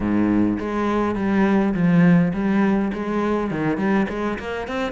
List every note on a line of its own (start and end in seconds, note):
0.00 0.57 G#2
0.59 1.15 G#3
1.15 1.73 G3
1.74 2.32 F3
2.33 2.91 G3
2.93 3.50 G#3
3.50 3.77 D#3
3.77 4.06 G3
4.09 4.38 G#3
4.38 4.67 A#3
4.67 4.91 C4